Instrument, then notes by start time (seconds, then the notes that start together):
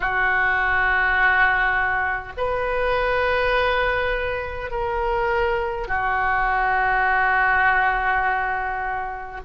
oboe
0.00 F#4
2.37 B4
4.71 A#4
5.87 F#4